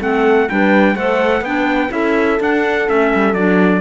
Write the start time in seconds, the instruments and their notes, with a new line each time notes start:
0.00 cello A3, clarinet C4, horn A4, trumpet F#5
0.49 cello G3, clarinet D4, horn B4, trumpet G5
0.95 cello A3, clarinet A4, horn C5, trumpet F#5
1.41 cello B3, clarinet D4, horn B4, trumpet G5
1.90 cello C#4, clarinet E4, horn A4, trumpet E5
2.40 cello D4, clarinet D4, trumpet F#5
2.86 cello A3, clarinet C#4, trumpet E5
3.15 cello G3
3.33 cello F#3, clarinet D4, trumpet D5